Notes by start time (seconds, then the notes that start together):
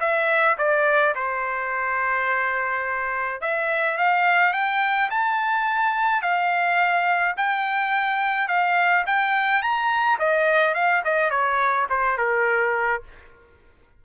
0.00 E5
0.58 D5
1.15 C5
3.41 E5
3.98 F5
4.53 G5
5.11 A5
6.22 F5
7.37 G5
8.48 F5
9.06 G5
9.62 A#5
10.19 D#5
10.74 F5
11.05 D#5
11.31 C#5
11.90 C5
12.18 A#4